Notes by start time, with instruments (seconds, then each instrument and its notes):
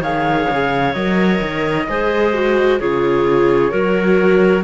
0.00 cello D#3, viola G#4, clarinet C#5, flute F5
0.50 cello C#3
0.93 cello F#3, viola A#4, flute D#5
1.42 cello D#3
1.88 cello G#3, viola G#4, clarinet C5
2.33 viola F#4
2.78 cello C#3, viola F4, clarinet G#4, flute C#5
3.71 cello F#3, viola F#4, clarinet A#4